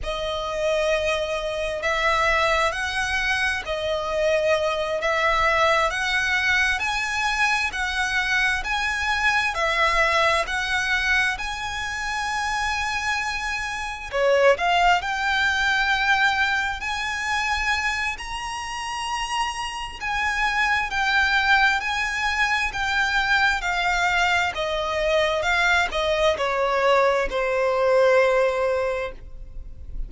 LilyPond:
\new Staff \with { instrumentName = "violin" } { \time 4/4 \tempo 4 = 66 dis''2 e''4 fis''4 | dis''4. e''4 fis''4 gis''8~ | gis''8 fis''4 gis''4 e''4 fis''8~ | fis''8 gis''2. cis''8 |
f''8 g''2 gis''4. | ais''2 gis''4 g''4 | gis''4 g''4 f''4 dis''4 | f''8 dis''8 cis''4 c''2 | }